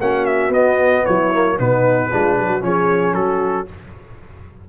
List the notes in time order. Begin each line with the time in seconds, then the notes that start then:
0.00 A#3 C#4 F#4 F#5
0.26 E5
0.49 B3 D#5
0.55 B3
1.04 F#3 E4 C#5
1.34 A#3
1.59 B2 B3 D#4 B4
2.12 G#3 D4 F4
2.38 F#3 F#4
2.61 F3 C#4 G#4 C#5
3.14 F#3 F#4 A4